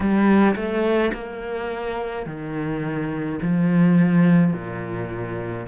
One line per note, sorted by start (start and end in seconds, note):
0.00 0.55 G3
0.55 1.12 A3
1.13 2.26 A#3
2.26 3.39 D#3
3.42 4.53 F3
4.53 5.66 A#2